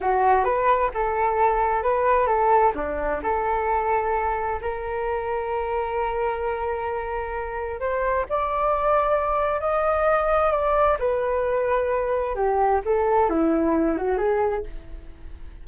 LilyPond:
\new Staff \with { instrumentName = "flute" } { \time 4/4 \tempo 4 = 131 fis'4 b'4 a'2 | b'4 a'4 d'4 a'4~ | a'2 ais'2~ | ais'1~ |
ais'4 c''4 d''2~ | d''4 dis''2 d''4 | b'2. g'4 | a'4 e'4. fis'8 gis'4 | }